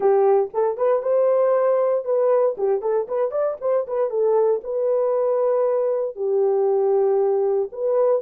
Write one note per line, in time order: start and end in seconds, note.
0.00 0.50 G4
0.53 0.77 A4
0.77 1.02 B4
1.02 2.04 C5
2.04 2.55 B4
2.57 2.81 G4
2.81 3.07 A4
3.08 3.31 B4
3.31 3.56 D5
3.60 3.86 C5
3.87 4.09 B4
4.09 4.61 A4
4.63 6.15 B4
6.15 7.69 G4
7.72 8.22 B4